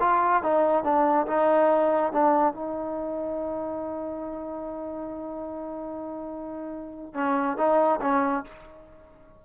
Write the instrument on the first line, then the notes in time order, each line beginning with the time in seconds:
trombone
0.00 F4
0.43 D#4
0.84 D4
1.27 D#4
2.12 D4
2.54 D#4
7.14 C#4
7.57 D#4
8.01 C#4